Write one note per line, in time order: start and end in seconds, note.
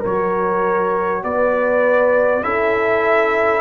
0.00 1.23 F#3
0.00 2.43 F#4
0.00 1.20 A#4
0.00 1.23 C#5
1.23 2.43 B3
1.23 2.44 B4
1.23 2.43 D5
2.43 3.61 C#4
2.43 3.61 E4
2.43 3.61 A4
2.43 3.61 E5